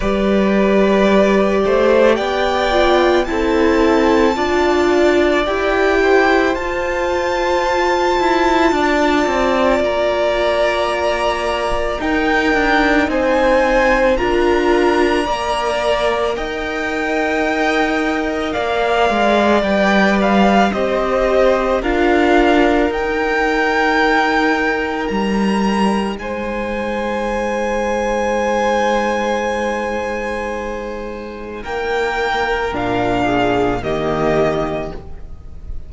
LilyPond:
<<
  \new Staff \with { instrumentName = "violin" } { \time 4/4 \tempo 4 = 55 d''2 g''4 a''4~ | a''4 g''4 a''2~ | a''4 ais''2 g''4 | gis''4 ais''2 g''4~ |
g''4 f''4 g''8 f''8 dis''4 | f''4 g''2 ais''4 | gis''1~ | gis''4 g''4 f''4 dis''4 | }
  \new Staff \with { instrumentName = "violin" } { \time 4/4 b'4. c''8 d''4 a'4 | d''4. c''2~ c''8 | d''2. ais'4 | c''4 ais'4 d''4 dis''4~ |
dis''4 d''2 c''4 | ais'1 | c''1~ | c''4 ais'4. gis'8 g'4 | }
  \new Staff \with { instrumentName = "viola" } { \time 4/4 g'2~ g'8 f'8 e'4 | f'4 g'4 f'2~ | f'2. dis'4~ | dis'4 f'4 ais'2~ |
ais'2 b'4 g'4 | f'4 dis'2.~ | dis'1~ | dis'2 d'4 ais4 | }
  \new Staff \with { instrumentName = "cello" } { \time 4/4 g4. a8 b4 c'4 | d'4 e'4 f'4. e'8 | d'8 c'8 ais2 dis'8 d'8 | c'4 d'4 ais4 dis'4~ |
dis'4 ais8 gis8 g4 c'4 | d'4 dis'2 g4 | gis1~ | gis4 ais4 ais,4 dis4 | }
>>